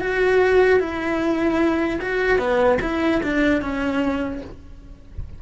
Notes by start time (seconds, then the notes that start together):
0.00 F#4
0.79 E4
2.01 F#4
2.38 B3
2.81 E4
3.23 D4
3.61 C#4